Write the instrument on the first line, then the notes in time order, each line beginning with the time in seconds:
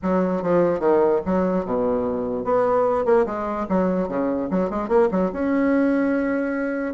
bassoon
0.02 F#3
0.42 F3
0.79 D#3
1.25 F#3
1.65 B2
2.44 B3
3.05 A#3
3.25 G#3
3.68 F#3
4.08 C#3
4.50 F#3
4.69 G#3
4.88 A#3
5.11 F#3
5.32 C#4